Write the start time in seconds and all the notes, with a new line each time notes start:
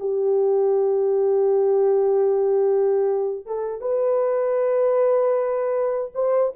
0.00 G4
3.46 A4
3.81 B4
6.15 C5